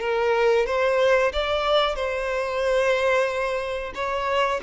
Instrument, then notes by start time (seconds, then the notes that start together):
violin
0.00 A#4
0.66 C5
1.32 D5
1.95 C5
3.94 C#5